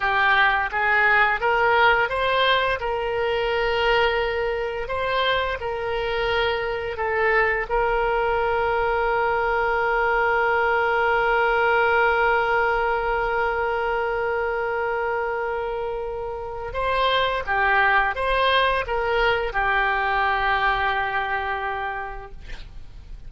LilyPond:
\new Staff \with { instrumentName = "oboe" } { \time 4/4 \tempo 4 = 86 g'4 gis'4 ais'4 c''4 | ais'2. c''4 | ais'2 a'4 ais'4~ | ais'1~ |
ais'1~ | ais'1 | c''4 g'4 c''4 ais'4 | g'1 | }